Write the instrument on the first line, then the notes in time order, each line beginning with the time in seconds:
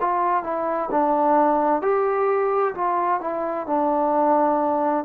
trombone
0.00 F4
0.43 E4
0.91 D4
1.81 G4
2.74 F4
3.20 E4
3.66 D4